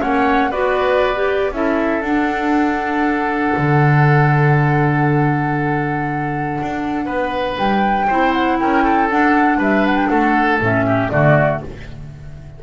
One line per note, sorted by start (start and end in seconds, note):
0.00 0.52 A#3
0.00 0.50 C#4
0.00 0.50 C#5
0.00 0.51 F#5
0.50 1.51 B3
0.50 1.14 F#4
0.50 1.51 B4
0.50 1.52 D5
1.14 1.52 G4
1.51 2.01 C#4
1.51 2.02 E4
1.51 7.05 A4
1.51 2.02 E5
2.01 3.53 D4
2.01 8.07 D4
2.01 7.57 F#5
3.57 6.59 D3
6.61 7.06 D4
7.05 7.56 B3
7.05 8.06 B4
7.57 8.08 G3
7.57 8.33 G5
8.07 8.60 C4
8.07 9.10 E4
8.07 8.57 C5
8.33 8.58 F#5
8.59 9.11 C#4
8.59 8.83 A#4
8.59 9.09 G5
8.83 9.58 A4
9.10 10.61 D4
9.10 9.57 D4
9.10 9.60 F#5
9.57 10.07 G3
9.57 10.08 B4
9.57 9.86 E5
9.86 9.97 F#5
9.97 10.09 G5
10.09 10.60 A3
10.09 10.85 A4
10.09 10.59 F#5
10.60 11.11 A2
10.60 11.11 C#4
10.60 11.09 E5
10.86 11.11 G4
11.09 11.62 D3
11.09 11.61 A3
11.09 11.63 F#4
11.09 11.60 D5